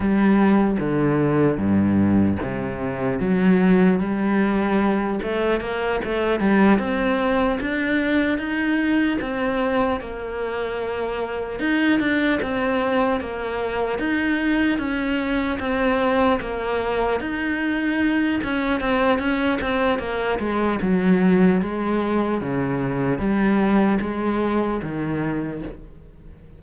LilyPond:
\new Staff \with { instrumentName = "cello" } { \time 4/4 \tempo 4 = 75 g4 d4 g,4 c4 | fis4 g4. a8 ais8 a8 | g8 c'4 d'4 dis'4 c'8~ | c'8 ais2 dis'8 d'8 c'8~ |
c'8 ais4 dis'4 cis'4 c'8~ | c'8 ais4 dis'4. cis'8 c'8 | cis'8 c'8 ais8 gis8 fis4 gis4 | cis4 g4 gis4 dis4 | }